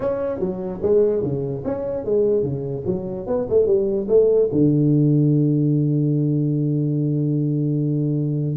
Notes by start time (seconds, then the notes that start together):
0.00 C#4
0.39 F#3
0.82 G#3
1.22 C#3
1.65 C#4
2.04 G#3
2.42 C#3
2.86 F#3
3.26 B3
3.49 A3
3.66 G3
4.08 A3
4.52 D3